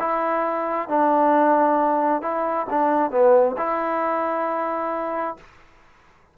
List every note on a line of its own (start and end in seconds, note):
0.00 0.89 E4
0.89 2.22 D4
2.22 2.67 E4
2.70 3.11 D4
3.11 3.56 B3
3.58 5.37 E4